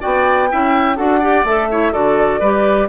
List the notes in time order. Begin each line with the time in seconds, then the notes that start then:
0.00 B3 F#4 D5 G5
0.51 C#4 E4 E5
0.97 D4 F#4 A4 F#5
1.20 G4 D5
1.44 A3 A4 E5
1.71 E4 C#5
1.92 D3 F#4 A4 D5
2.40 G3 G4 B4